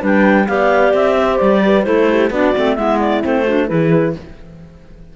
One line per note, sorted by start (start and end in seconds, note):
0.00 0.48 G3
0.00 0.46 D4
0.00 0.47 B4
0.06 0.47 G5
0.47 0.94 B3
0.47 1.85 G4
0.47 1.17 D5
0.47 0.93 F5
0.94 1.40 C4
0.94 1.38 E5
1.17 1.63 C5
1.38 1.87 G3
1.38 1.83 D5
1.65 1.87 B4
1.83 2.30 A3
1.83 2.30 E4
1.83 2.10 A4
1.83 2.29 C5
2.10 2.31 G4
2.30 2.53 B3
2.30 2.54 D4
2.30 2.76 F#4
2.30 2.76 D5
2.56 2.77 A3
2.56 2.76 C4
2.76 3.23 G#3
2.76 3.22 B3
2.76 3.45 E4
2.76 2.99 E5
3.00 3.23 D5
3.22 3.70 A3
3.22 3.44 C4
3.22 3.68 C5
3.45 3.67 D4
3.45 3.68 F#4
3.67 4.16 E3
3.67 4.13 E4
3.67 4.16 G#4
3.67 4.14 B4